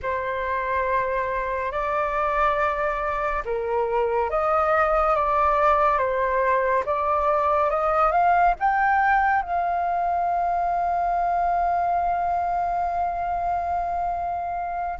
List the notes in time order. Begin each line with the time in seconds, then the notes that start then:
0.02 C5
1.71 D5
3.45 A#4
4.29 D#5
5.15 D5
5.98 C5
6.85 D5
7.69 D#5
8.11 F5
8.59 G5
9.42 F5